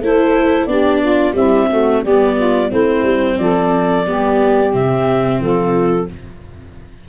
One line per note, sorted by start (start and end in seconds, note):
0.00 0.66 A3
0.00 0.69 E4
0.00 0.68 A4
0.00 0.66 C5
0.66 1.34 B3
0.66 1.32 D4
0.66 1.01 G4
0.66 1.33 D5
1.01 1.34 F4
1.32 1.66 G3
1.32 2.03 C4
1.32 1.68 E4
1.32 2.03 E5
1.69 2.05 A3
1.69 2.01 F#4
2.01 2.71 G3
2.01 2.70 B3
2.01 2.35 G4
2.01 2.71 D5
2.36 2.68 F4
2.68 3.03 A3
2.68 4.05 C4
2.68 3.35 E4
2.68 3.38 C5
3.03 3.36 G3
3.38 4.06 F3
3.38 4.06 A4
3.38 4.73 D5
4.06 4.73 G3
4.06 4.72 B3
4.06 5.40 G4
4.72 5.39 C3
4.72 6.06 C4
4.72 5.41 E5
5.39 6.06 F3
5.39 6.07 F4
5.39 6.08 A4